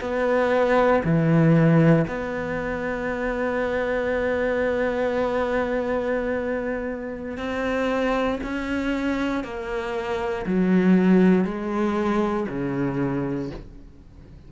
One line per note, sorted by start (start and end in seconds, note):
0.00 1.02 B3
1.04 2.06 E3
2.07 7.37 B3
7.37 8.39 C4
8.43 9.43 C#4
9.43 10.45 A#3
10.46 11.45 F#3
11.45 12.46 G#3
12.49 13.50 C#3